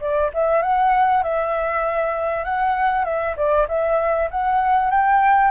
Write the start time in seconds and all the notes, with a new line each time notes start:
0.00 D5
0.34 E5
0.62 F#5
1.23 E5
2.44 F#5
3.05 E5
3.36 D5
3.68 E5
4.31 F#5
4.90 G5